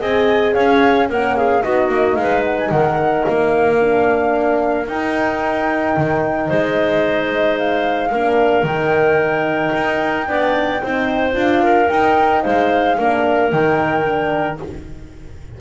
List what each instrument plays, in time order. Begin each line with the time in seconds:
0.00 double bass C4, horn G#4, clarinet D#5, flute G#5
0.53 double bass C#4, clarinet C#5, flute F5
1.09 double bass A#3, horn C#4, clarinet A#4, flute F#5
1.36 clarinet G#4, flute F5
1.60 double bass B3, horn D#4, clarinet F#4, flute D#5
1.89 double bass A#3
2.16 double bass G#3, clarinet B4, flute F5
2.44 flute F#5
2.58 flute G#5
2.70 double bass D#3, clarinet A#4, flute F#5
3.25 double bass A#3, flute F5
3.80 horn D4
4.88 double bass D#4, horn D#4, flute G5
5.97 double bass D#3
6.48 double bass G#3, clarinet C5, flute D#5
7.58 flute F5
8.11 double bass A#3, horn D4, clarinet A#4
8.63 double bass D#3, horn D#4, flute G5
9.74 double bass D#4
10.27 double bass B3, horn D4, clarinet D5
10.83 double bass C4, horn D#4, clarinet C5
11.32 double bass D4, horn F4, flute F5
11.63 clarinet A#4
11.88 double bass D#4, horn D#4, flute G5
12.42 double bass G#3, clarinet C5, flute F5
12.97 double bass A#3, horn D4, clarinet A#4
13.50 double bass D#3, horn D#4, flute G5
14.05 horn D4